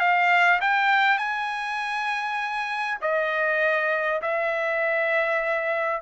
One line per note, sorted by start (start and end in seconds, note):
0.00 0.60 F5
0.61 1.18 G5
1.18 2.98 G#5
3.02 4.22 D#5
4.22 6.02 E5